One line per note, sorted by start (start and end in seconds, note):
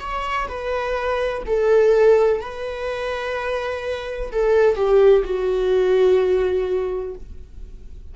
0.00 0.48 C#5
0.48 1.43 B4
1.46 2.41 A4
2.41 4.32 B4
4.32 4.76 A4
4.76 5.24 G4
5.25 7.15 F#4